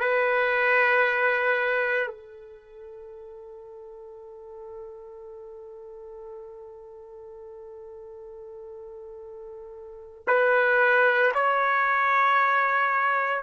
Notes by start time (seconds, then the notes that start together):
0.00 B4
2.08 A4
10.27 B4
11.35 C#5